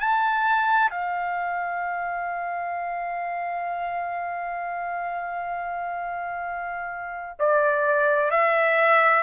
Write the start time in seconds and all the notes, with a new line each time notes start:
0.00 A5
0.90 F5
7.39 D5
8.31 E5